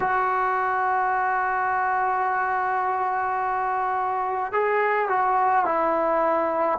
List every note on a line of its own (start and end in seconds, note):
0.00 4.52 F#4
4.52 5.08 G#4
5.08 5.65 F#4
5.65 6.78 E4